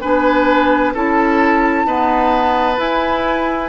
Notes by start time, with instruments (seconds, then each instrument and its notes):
0.00 bassoon B3, clarinet D4, oboe B4, flute G#5
0.93 bassoon C#4, clarinet E4, oboe A4, flute A5
1.84 clarinet B3, bassoon D#4, oboe B4
2.77 clarinet E4, bassoon E4, flute G#5